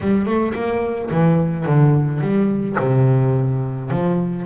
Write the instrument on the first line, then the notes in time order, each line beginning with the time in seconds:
double bass
0.00 G3
0.25 A3
0.54 A#3
1.11 E3
1.65 D3
2.20 G3
2.79 C3
3.90 F3